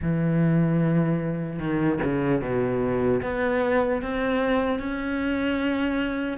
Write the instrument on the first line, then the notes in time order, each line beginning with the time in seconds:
cello
0.01 E3
1.59 D#3
2.03 C#3
2.41 B2
3.21 B3
4.01 C4
4.79 C#4